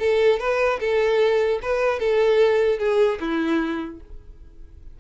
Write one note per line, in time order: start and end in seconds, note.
0.00 0.40 A4
0.40 0.80 B4
0.80 1.60 A4
1.63 2.00 B4
2.00 2.79 A4
2.79 3.19 G#4
3.21 4.01 E4